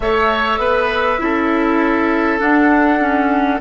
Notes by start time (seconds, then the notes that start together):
0.00 A3 A4 C#5 E5
0.58 B3 B4
1.18 C#4 E4 A4
2.38 D4 F#5
3.00 C#4